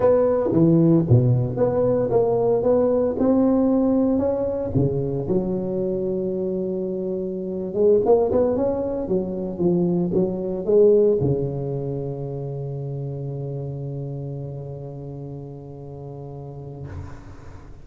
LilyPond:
\new Staff \with { instrumentName = "tuba" } { \time 4/4 \tempo 4 = 114 b4 e4 b,4 b4 | ais4 b4 c'2 | cis'4 cis4 fis2~ | fis2~ fis8. gis8 ais8 b16~ |
b16 cis'4 fis4 f4 fis8.~ | fis16 gis4 cis2~ cis8.~ | cis1~ | cis1 | }